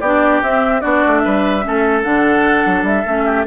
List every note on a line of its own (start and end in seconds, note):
0.00 0.41 B3
0.00 0.44 D4
0.00 0.81 G4
0.00 0.41 D5
0.42 0.83 C4
0.42 0.81 C4
0.42 0.80 E5
0.80 1.04 B3
0.80 1.62 D4
0.80 1.21 F#4
0.80 1.19 D5
1.07 1.26 A3
1.19 1.64 B4
1.19 2.00 E5
1.26 1.66 G3
1.62 2.04 A3
1.62 2.03 C#4
1.62 3.25 A4
2.03 2.65 D3
2.03 3.05 D4
2.03 2.84 F#5
2.66 2.83 F#3
2.83 3.03 G3
2.83 3.46 E5
3.05 3.46 A3
3.05 3.46 C#4
3.25 3.45 G4